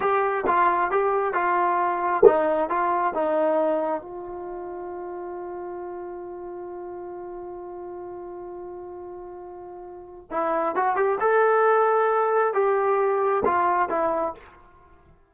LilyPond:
\new Staff \with { instrumentName = "trombone" } { \time 4/4 \tempo 4 = 134 g'4 f'4 g'4 f'4~ | f'4 dis'4 f'4 dis'4~ | dis'4 f'2.~ | f'1~ |
f'1~ | f'2. e'4 | fis'8 g'8 a'2. | g'2 f'4 e'4 | }